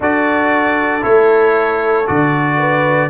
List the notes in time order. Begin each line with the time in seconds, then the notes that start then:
0.00 D4 F#4 A4 D5
1.01 A3 E4 C#5
2.06 D3 F#4 D5
2.57 B4